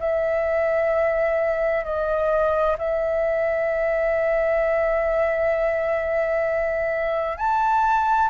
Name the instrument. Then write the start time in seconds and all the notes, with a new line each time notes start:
flute
0.00 E5
1.85 D#5
2.78 E5
7.38 A5